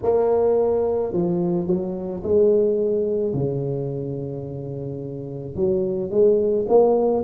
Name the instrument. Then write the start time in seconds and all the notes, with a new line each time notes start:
tuba
0.02 A#3
1.13 F3
1.67 F#3
2.23 G#3
3.33 C#3
5.55 F#3
6.10 G#3
6.68 A#3